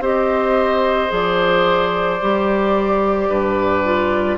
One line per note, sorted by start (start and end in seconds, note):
0.00 1.09 C4
0.00 1.09 G4
0.00 3.29 C5
0.00 1.12 D#5
1.09 2.21 F3
1.09 2.18 G#4
1.09 4.38 D5
2.22 3.30 G3
2.22 3.85 G4
3.30 4.38 G2
3.30 4.38 B4
3.85 4.38 F4